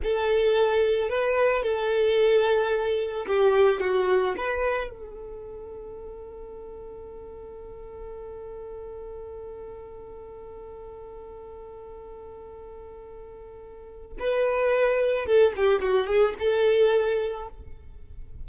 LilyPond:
\new Staff \with { instrumentName = "violin" } { \time 4/4 \tempo 4 = 110 a'2 b'4 a'4~ | a'2 g'4 fis'4 | b'4 a'2.~ | a'1~ |
a'1~ | a'1~ | a'2 b'2 | a'8 g'8 fis'8 gis'8 a'2 | }